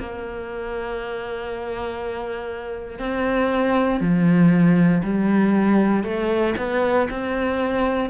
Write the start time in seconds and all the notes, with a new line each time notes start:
0.00 A#3
2.99 C4
4.01 F3
5.04 G3
6.04 A3
6.58 B3
7.10 C4